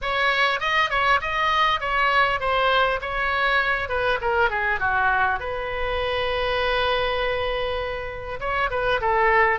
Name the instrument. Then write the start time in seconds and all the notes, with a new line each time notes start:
oboe
0.01 C#5
0.60 D#5
0.90 C#5
1.21 D#5
1.80 C#5
2.40 C5
3.01 C#5
3.88 B4
4.21 A#4
4.50 G#4
4.79 F#4
5.39 B4
8.40 C#5
8.70 B4
9.00 A4